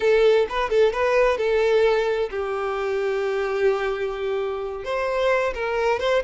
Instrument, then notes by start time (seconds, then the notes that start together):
violin
0.00 A4
0.49 B4
0.69 A4
0.93 B4
1.37 A4
2.30 G4
4.84 C5
5.54 A#4
5.99 C5